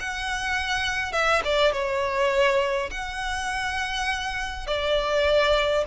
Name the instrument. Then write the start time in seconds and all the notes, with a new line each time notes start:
violin
0.00 F#5
1.13 E5
1.45 D5
1.73 C#5
2.91 F#5
4.67 D5